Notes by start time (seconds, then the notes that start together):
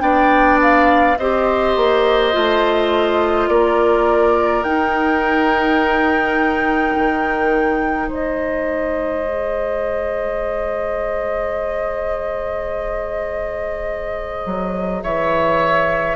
0.00 B3 D4 D5 G5
0.62 F5
1.18 C4 G4 C5 D#5
1.76 A#3
2.32 A3 F4
3.48 A#3 A#4 D5
4.63 D#4 G5
6.96 D#3
8.08 G#3 C5 D#5
9.25 G#4
14.46 F#3
15.03 E3 C#5 E5